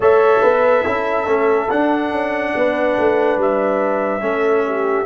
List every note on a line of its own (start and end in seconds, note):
0.00 0.39 A3
0.00 0.85 A4
0.00 0.41 C#5
0.00 1.70 E5
0.41 0.85 B3
0.41 0.82 B4
0.82 1.26 C#4
0.82 1.26 E4
0.82 2.51 A4
1.26 1.68 A3
1.26 1.68 C#4
1.69 4.21 D4
1.69 2.11 D4
1.69 3.39 F#5
2.11 2.53 C#4
2.55 2.98 B3
2.55 4.23 B4
2.98 3.37 A3
3.37 4.21 G3
3.37 5.06 E5
4.21 5.06 A3
4.21 5.05 C#4
4.21 4.65 A4
4.66 5.06 G4